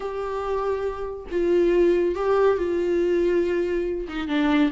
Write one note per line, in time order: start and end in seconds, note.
0.00 1.26 G4
1.31 2.15 F4
2.15 2.57 G4
2.57 4.07 F4
4.08 4.27 D#4
4.27 4.70 D4